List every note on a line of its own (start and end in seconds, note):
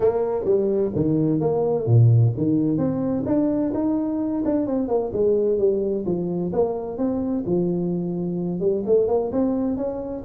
0.00 0.44 A#3
0.44 0.91 G3
0.95 1.40 D#3
1.40 1.86 A#3
1.86 2.32 A#2
2.37 2.77 D#3
2.77 3.24 C4
3.26 3.72 D4
3.74 4.43 D#4
4.45 4.66 D4
4.66 4.88 C4
4.88 5.11 A#3
5.12 5.58 G#3
5.58 6.05 G3
6.05 6.52 F3
6.52 6.97 A#3
6.97 7.44 C4
7.45 8.59 F3
8.59 8.83 G3
8.85 9.07 A3
9.07 9.31 A#3
9.32 9.77 C4
9.77 10.23 C#4